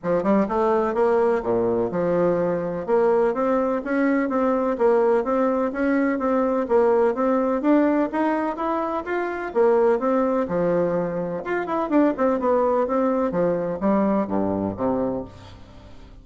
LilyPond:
\new Staff \with { instrumentName = "bassoon" } { \time 4/4 \tempo 4 = 126 f8 g8 a4 ais4 ais,4 | f2 ais4 c'4 | cis'4 c'4 ais4 c'4 | cis'4 c'4 ais4 c'4 |
d'4 dis'4 e'4 f'4 | ais4 c'4 f2 | f'8 e'8 d'8 c'8 b4 c'4 | f4 g4 g,4 c4 | }